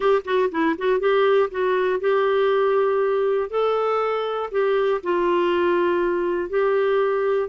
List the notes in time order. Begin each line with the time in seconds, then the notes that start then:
0.00 G4
0.25 F#4
0.51 E4
0.78 F#4
0.99 G4
1.50 F#4
2.00 G4
3.50 A4
4.51 G4
5.03 F4
6.49 G4